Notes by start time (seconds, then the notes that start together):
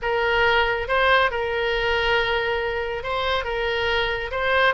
0.01 A#4
0.88 C5
1.30 A#4
3.03 C5
3.44 A#4
4.31 C5